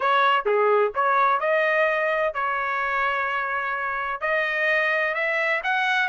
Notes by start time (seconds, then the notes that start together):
0.00 C#5
0.45 G#4
0.94 C#5
1.40 D#5
2.34 C#5
4.20 D#5
5.14 E5
5.63 F#5